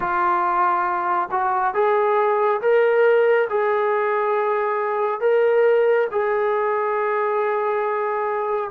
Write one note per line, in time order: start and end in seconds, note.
0.00 1.29 F4
1.31 1.74 F#4
1.74 2.60 G#4
2.61 3.48 A#4
3.49 5.20 G#4
5.20 6.07 A#4
6.11 8.70 G#4